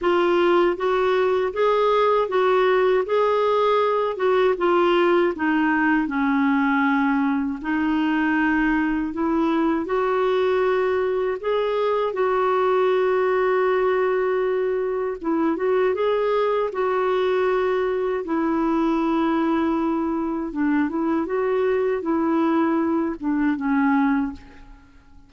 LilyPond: \new Staff \with { instrumentName = "clarinet" } { \time 4/4 \tempo 4 = 79 f'4 fis'4 gis'4 fis'4 | gis'4. fis'8 f'4 dis'4 | cis'2 dis'2 | e'4 fis'2 gis'4 |
fis'1 | e'8 fis'8 gis'4 fis'2 | e'2. d'8 e'8 | fis'4 e'4. d'8 cis'4 | }